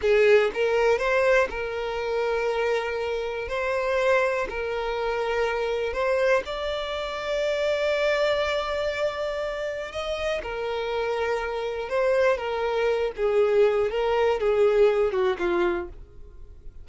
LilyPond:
\new Staff \with { instrumentName = "violin" } { \time 4/4 \tempo 4 = 121 gis'4 ais'4 c''4 ais'4~ | ais'2. c''4~ | c''4 ais'2. | c''4 d''2.~ |
d''1 | dis''4 ais'2. | c''4 ais'4. gis'4. | ais'4 gis'4. fis'8 f'4 | }